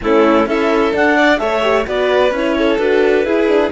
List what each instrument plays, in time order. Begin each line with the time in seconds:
0.01 cello A3, horn C#4, violin E4, clarinet A4
0.46 cello C#4, horn E4, violin A4, clarinet E5
0.92 horn D4, cello D4, clarinet F#5
1.16 violin D5
1.38 cello A3, horn A4, violin C#5, clarinet E5
1.62 horn G4
1.86 cello B3, horn F#4, violin B4, clarinet D5
2.31 cello C#4, horn E4, clarinet C#5
2.58 violin A4
2.78 cello D4, horn F#4, clarinet B4
3.24 cello E4, horn E4, violin G#4
3.48 horn D4